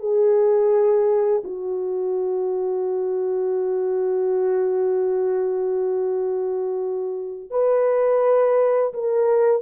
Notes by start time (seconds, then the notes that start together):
0.00 G#4
1.44 F#4
7.51 B4
8.94 A#4